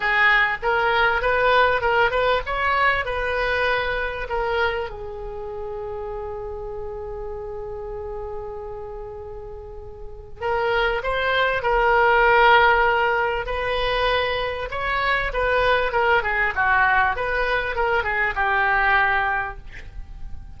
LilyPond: \new Staff \with { instrumentName = "oboe" } { \time 4/4 \tempo 4 = 98 gis'4 ais'4 b'4 ais'8 b'8 | cis''4 b'2 ais'4 | gis'1~ | gis'1~ |
gis'4 ais'4 c''4 ais'4~ | ais'2 b'2 | cis''4 b'4 ais'8 gis'8 fis'4 | b'4 ais'8 gis'8 g'2 | }